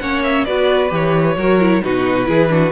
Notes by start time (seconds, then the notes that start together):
0.00 A#3 C#4 C#5 F#5
0.23 E5
0.45 B3 F#4 B4 D5
0.90 E3 G4 C#5
1.36 F#3 F#4 A#4
1.60 E4
1.83 B2 D#4 F#4 B4
2.26 E3 E4 G#4
2.49 D4 F#4